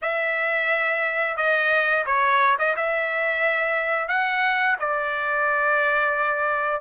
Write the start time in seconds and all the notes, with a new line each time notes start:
0.02 E5
1.36 D#5
2.05 C#5
2.58 D#5
2.76 E5
4.08 F#5
4.79 D5